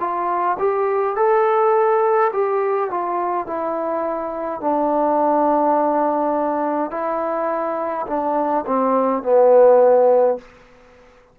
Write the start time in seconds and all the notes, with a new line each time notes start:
0.00 F4
0.59 G4
1.16 A4
2.33 G4
2.91 F4
3.47 E4
4.61 D4
6.91 E4
8.07 D4
8.66 C4
9.23 B3